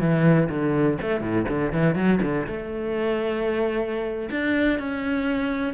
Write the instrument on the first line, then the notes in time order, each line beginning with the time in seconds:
cello
0.00 E3
0.49 D3
1.02 A3
1.21 A2
1.48 D3
1.73 E3
1.95 F#3
2.22 D3
2.47 A3
4.31 D4
4.79 C#4